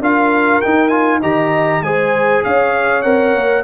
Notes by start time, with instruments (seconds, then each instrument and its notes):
0.00 tuba D4, trombone F4, horn A#4, trumpet F5
0.61 trombone D#4, tuba D#4, trumpet G5
0.88 trombone F4, trumpet G#5
1.20 tuba D#3, trombone G4, horn D#5, trumpet A#5
1.81 tuba G#3, trombone G#4, horn C5, trumpet G#5
2.44 tuba C#4, horn C#5, trumpet F5
3.02 tuba C4, trombone A#4, trumpet F#5
3.35 tuba A#3